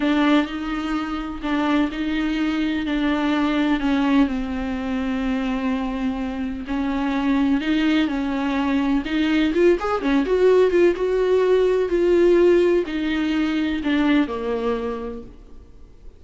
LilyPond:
\new Staff \with { instrumentName = "viola" } { \time 4/4 \tempo 4 = 126 d'4 dis'2 d'4 | dis'2 d'2 | cis'4 c'2.~ | c'2 cis'2 |
dis'4 cis'2 dis'4 | f'8 gis'8 cis'8 fis'4 f'8 fis'4~ | fis'4 f'2 dis'4~ | dis'4 d'4 ais2 | }